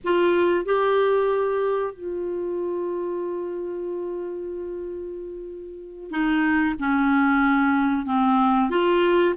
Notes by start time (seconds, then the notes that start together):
0.04 F4
0.65 G4
1.94 F4
6.11 D#4
6.79 C#4
8.06 C4
8.70 F4